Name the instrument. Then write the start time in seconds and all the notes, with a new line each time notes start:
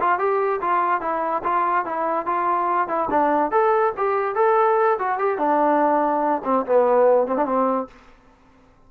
trombone
0.00 F4
0.19 G4
0.61 F4
1.01 E4
1.43 F4
1.85 E4
2.26 F4
2.88 E4
3.10 D4
3.51 A4
3.97 G4
4.35 A4
4.98 F#4
5.18 G4
5.38 D4
6.45 C4
6.66 B3
7.27 C4
7.37 D4
7.45 C4